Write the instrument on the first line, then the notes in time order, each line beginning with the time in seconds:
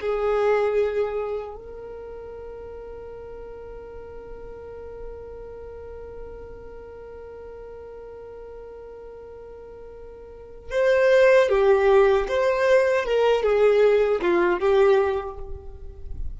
violin
0.00 G#4
1.55 A#4
10.71 C5
11.49 G4
12.28 C5
13.05 A#4
13.43 G#4
14.21 F4
14.59 G4